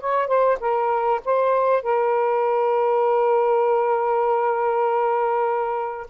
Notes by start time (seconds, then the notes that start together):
0.00 C#5
0.28 C5
0.60 A#4
1.25 C5
1.83 A#4